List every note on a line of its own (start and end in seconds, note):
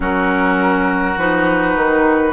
0.00 1.16 F#3
0.00 1.15 C#4
0.00 2.33 F#4
0.00 1.18 A#4
1.16 1.75 F3
1.16 2.33 D#4
1.16 2.33 B4
1.75 2.33 D#3